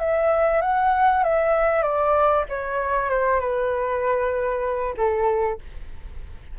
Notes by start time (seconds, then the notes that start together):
0.00 E5
0.62 F#5
1.24 E5
1.83 D5
2.49 C#5
3.10 C5
3.40 B4
4.97 A4